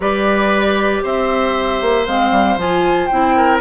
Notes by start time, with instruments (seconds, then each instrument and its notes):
0.00 bassoon G3, clarinet G4, oboe B4, flute D5
1.03 bassoon C4, oboe C5, flute E5
1.81 bassoon A#3
2.06 bassoon G#3, clarinet C4, flute F5
2.31 bassoon G3
2.56 bassoon F3, clarinet F4, flute G#5
3.06 bassoon C4, clarinet E4, flute G5
3.36 oboe A#4